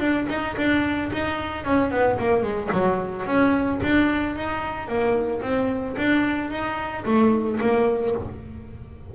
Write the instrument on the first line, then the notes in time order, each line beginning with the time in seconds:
double bass
0.00 D4
0.29 D#4
0.57 D4
1.13 D#4
1.65 C#4
1.92 B3
2.19 A#3
2.43 G#3
2.72 F#3
3.27 C#4
3.83 D4
4.36 D#4
4.89 A#3
5.42 C4
5.98 D4
6.51 D#4
7.05 A3
7.61 A#3